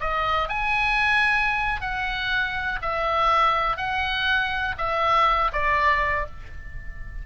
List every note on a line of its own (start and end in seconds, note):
0.00 0.48 D#5
0.48 1.81 G#5
1.81 2.79 F#5
2.82 3.77 E5
3.77 4.75 F#5
4.77 5.51 E5
5.52 6.26 D5